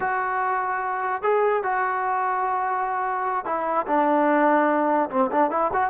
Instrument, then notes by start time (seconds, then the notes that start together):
trombone
0.00 F#4
1.22 G#4
1.63 F#4
3.45 E4
3.87 D4
5.09 C4
5.31 D4
5.50 E4
5.73 F#4